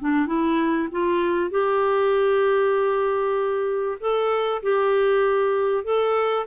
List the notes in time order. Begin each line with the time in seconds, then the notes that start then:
0.00 D4
0.27 E4
0.92 F4
1.51 G4
4.01 A4
4.63 G4
5.85 A4